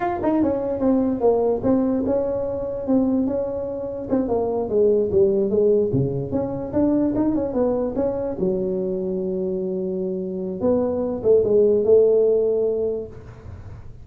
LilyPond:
\new Staff \with { instrumentName = "tuba" } { \time 4/4 \tempo 4 = 147 f'8 dis'8 cis'4 c'4 ais4 | c'4 cis'2 c'4 | cis'2 c'8 ais4 gis8~ | gis8 g4 gis4 cis4 cis'8~ |
cis'8 d'4 dis'8 cis'8 b4 cis'8~ | cis'8 fis2.~ fis8~ | fis2 b4. a8 | gis4 a2. | }